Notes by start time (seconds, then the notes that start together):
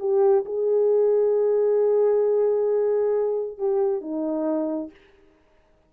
0.00 G4
0.46 G#4
3.58 G4
4.01 D#4